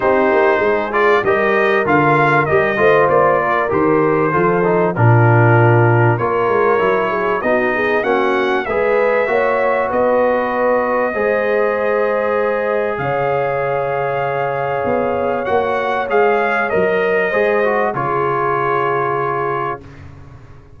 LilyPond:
<<
  \new Staff \with { instrumentName = "trumpet" } { \time 4/4 \tempo 4 = 97 c''4. d''8 dis''4 f''4 | dis''4 d''4 c''2 | ais'2 cis''2 | dis''4 fis''4 e''2 |
dis''1~ | dis''4 f''2.~ | f''4 fis''4 f''4 dis''4~ | dis''4 cis''2. | }
  \new Staff \with { instrumentName = "horn" } { \time 4/4 g'4 gis'4 ais'2~ | ais'8 c''4 ais'4. a'4 | f'2 ais'4. gis'8 | fis'8 gis'8 fis'4 b'4 cis''4 |
b'2 c''2~ | c''4 cis''2.~ | cis''1 | c''4 gis'2. | }
  \new Staff \with { instrumentName = "trombone" } { \time 4/4 dis'4. f'8 g'4 f'4 | g'8 f'4. g'4 f'8 dis'8 | d'2 f'4 e'4 | dis'4 cis'4 gis'4 fis'4~ |
fis'2 gis'2~ | gis'1~ | gis'4 fis'4 gis'4 ais'4 | gis'8 fis'8 f'2. | }
  \new Staff \with { instrumentName = "tuba" } { \time 4/4 c'8 ais8 gis4 g4 d4 | g8 a8 ais4 dis4 f4 | ais,2 ais8 gis8 fis4 | b4 ais4 gis4 ais4 |
b2 gis2~ | gis4 cis2. | b4 ais4 gis4 fis4 | gis4 cis2. | }
>>